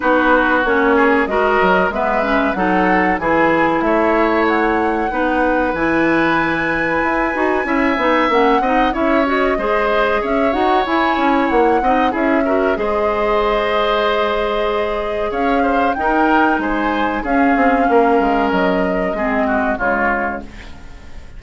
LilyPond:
<<
  \new Staff \with { instrumentName = "flute" } { \time 4/4 \tempo 4 = 94 b'4 cis''4 dis''4 e''4 | fis''4 gis''4 e''4 fis''4~ | fis''4 gis''2.~ | gis''4 fis''4 e''8 dis''4. |
e''8 fis''8 gis''4 fis''4 e''4 | dis''1 | f''4 g''4 gis''4 f''4~ | f''4 dis''2 cis''4 | }
  \new Staff \with { instrumentName = "oboe" } { \time 4/4 fis'4. gis'8 ais'4 b'4 | a'4 gis'4 cis''2 | b'1 | e''4. dis''8 cis''4 c''4 |
cis''2~ cis''8 dis''8 gis'8 ais'8 | c''1 | cis''8 c''8 ais'4 c''4 gis'4 | ais'2 gis'8 fis'8 f'4 | }
  \new Staff \with { instrumentName = "clarinet" } { \time 4/4 dis'4 cis'4 fis'4 b8 cis'8 | dis'4 e'2. | dis'4 e'2~ e'8 fis'8 | e'8 dis'8 cis'8 dis'8 e'8 fis'8 gis'4~ |
gis'8 fis'8 e'4. dis'8 e'8 fis'8 | gis'1~ | gis'4 dis'2 cis'4~ | cis'2 c'4 gis4 | }
  \new Staff \with { instrumentName = "bassoon" } { \time 4/4 b4 ais4 gis8 fis8 gis4 | fis4 e4 a2 | b4 e2 e'8 dis'8 | cis'8 b8 ais8 c'8 cis'4 gis4 |
cis'8 dis'8 e'8 cis'8 ais8 c'8 cis'4 | gis1 | cis'4 dis'4 gis4 cis'8 c'8 | ais8 gis8 fis4 gis4 cis4 | }
>>